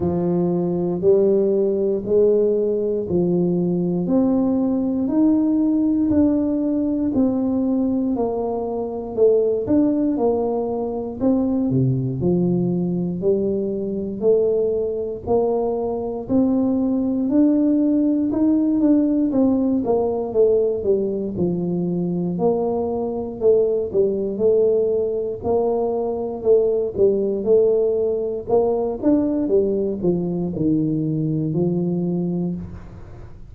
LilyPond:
\new Staff \with { instrumentName = "tuba" } { \time 4/4 \tempo 4 = 59 f4 g4 gis4 f4 | c'4 dis'4 d'4 c'4 | ais4 a8 d'8 ais4 c'8 c8 | f4 g4 a4 ais4 |
c'4 d'4 dis'8 d'8 c'8 ais8 | a8 g8 f4 ais4 a8 g8 | a4 ais4 a8 g8 a4 | ais8 d'8 g8 f8 dis4 f4 | }